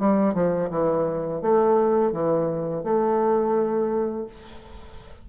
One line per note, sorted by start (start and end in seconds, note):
0.00 0.34 G3
0.34 0.70 F3
0.70 1.42 E3
1.42 2.12 A3
2.12 2.84 E3
2.84 4.27 A3